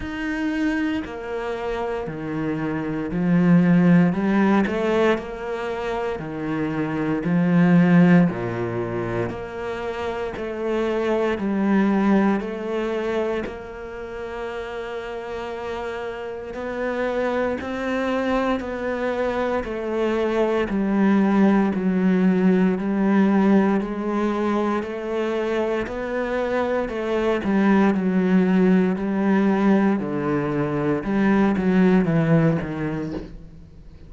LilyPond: \new Staff \with { instrumentName = "cello" } { \time 4/4 \tempo 4 = 58 dis'4 ais4 dis4 f4 | g8 a8 ais4 dis4 f4 | ais,4 ais4 a4 g4 | a4 ais2. |
b4 c'4 b4 a4 | g4 fis4 g4 gis4 | a4 b4 a8 g8 fis4 | g4 d4 g8 fis8 e8 dis8 | }